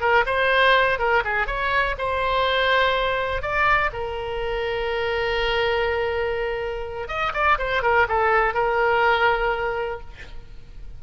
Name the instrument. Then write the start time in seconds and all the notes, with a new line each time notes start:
oboe
0.00 A#4
0.26 C5
0.99 A#4
1.24 G#4
1.46 C#5
1.98 C5
3.41 D5
3.93 A#4
7.08 D#5
7.33 D5
7.58 C5
7.82 A#4
8.08 A4
8.54 A#4